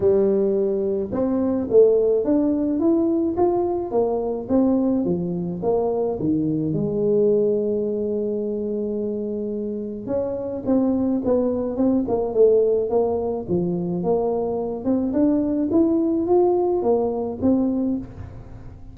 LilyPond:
\new Staff \with { instrumentName = "tuba" } { \time 4/4 \tempo 4 = 107 g2 c'4 a4 | d'4 e'4 f'4 ais4 | c'4 f4 ais4 dis4 | gis1~ |
gis2 cis'4 c'4 | b4 c'8 ais8 a4 ais4 | f4 ais4. c'8 d'4 | e'4 f'4 ais4 c'4 | }